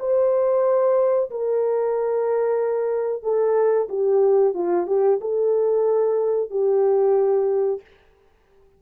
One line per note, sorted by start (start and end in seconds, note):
0.00 1.30 C5
1.31 3.23 A#4
3.23 3.88 A4
3.89 4.54 G4
4.54 4.87 F4
4.87 5.20 G4
5.21 6.51 A4
6.51 7.81 G4